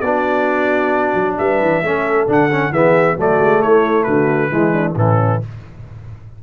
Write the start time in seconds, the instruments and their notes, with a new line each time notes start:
0.00 tuba B3, trombone D4, horn F#4, trumpet D5
1.14 tuba F#3
1.38 tuba G3, horn B4, trumpet E5
1.61 tuba E3
1.82 tuba A3, trombone C#4, horn A4
2.27 tuba D3, trombone D4, trumpet F#5
2.50 trombone C#4
2.71 tuba E3, trombone B3, horn G#4, trumpet E5
3.16 tuba F#3, trombone A3, horn F#4, trumpet D5
3.40 tuba G#3
3.61 tuba A3, horn E4, trumpet C#5
4.03 tuba D3, horn F#4, trumpet B4
4.50 tuba E3, trombone G#3, horn E4
4.72 horn D4
4.95 tuba A2, trombone E3, horn C#4, trumpet A4